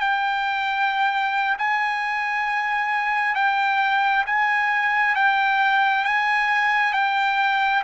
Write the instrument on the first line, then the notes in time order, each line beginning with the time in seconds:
trumpet
0.00 G5
1.58 G#5
3.35 G5
4.26 G#5
5.15 G5
6.04 G#5
6.93 G5